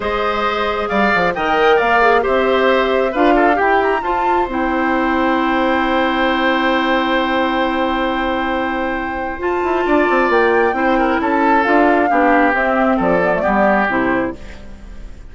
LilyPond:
<<
  \new Staff \with { instrumentName = "flute" } { \time 4/4 \tempo 4 = 134 dis''2 f''4 g''4 | f''4 e''2 f''4 | g''8 ais''8 a''4 g''2~ | g''1~ |
g''1~ | g''4 a''2 g''4~ | g''4 a''4 f''2 | e''4 d''2 c''4 | }
  \new Staff \with { instrumentName = "oboe" } { \time 4/4 c''2 d''4 dis''4 | d''4 c''2 b'8 a'8 | g'4 c''2.~ | c''1~ |
c''1~ | c''2 d''2 | c''8 ais'8 a'2 g'4~ | g'4 a'4 g'2 | }
  \new Staff \with { instrumentName = "clarinet" } { \time 4/4 gis'2. ais'4~ | ais'8 gis'8 g'2 f'4 | g'4 f'4 e'2~ | e'1~ |
e'1~ | e'4 f'2. | e'2 f'4 d'4 | c'4. b16 a16 b4 e'4 | }
  \new Staff \with { instrumentName = "bassoon" } { \time 4/4 gis2 g8 f8 dis4 | ais4 c'2 d'4 | e'4 f'4 c'2~ | c'1~ |
c'1~ | c'4 f'8 e'8 d'8 c'8 ais4 | c'4 cis'4 d'4 b4 | c'4 f4 g4 c4 | }
>>